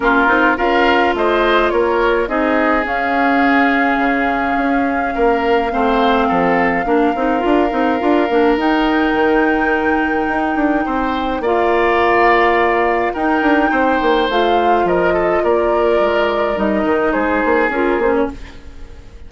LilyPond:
<<
  \new Staff \with { instrumentName = "flute" } { \time 4/4 \tempo 4 = 105 ais'4 f''4 dis''4 cis''4 | dis''4 f''2.~ | f''1~ | f''2. g''4~ |
g''1 | f''2. g''4~ | g''4 f''4 dis''4 d''4~ | d''4 dis''4 c''4 ais'8 c''16 cis''16 | }
  \new Staff \with { instrumentName = "oboe" } { \time 4/4 f'4 ais'4 c''4 ais'4 | gis'1~ | gis'4 ais'4 c''4 a'4 | ais'1~ |
ais'2. c''4 | d''2. ais'4 | c''2 ais'8 a'8 ais'4~ | ais'2 gis'2 | }
  \new Staff \with { instrumentName = "clarinet" } { \time 4/4 cis'8 dis'8 f'2. | dis'4 cis'2.~ | cis'2 c'2 | d'8 dis'8 f'8 dis'8 f'8 d'8 dis'4~ |
dis'1 | f'2. dis'4~ | dis'4 f'2.~ | f'4 dis'2 f'8 cis'8 | }
  \new Staff \with { instrumentName = "bassoon" } { \time 4/4 ais8 c'8 cis'4 a4 ais4 | c'4 cis'2 cis4 | cis'4 ais4 a4 f4 | ais8 c'8 d'8 c'8 d'8 ais8 dis'4 |
dis2 dis'8 d'8 c'4 | ais2. dis'8 d'8 | c'8 ais8 a4 f4 ais4 | gis4 g8 dis8 gis8 ais8 cis'8 ais8 | }
>>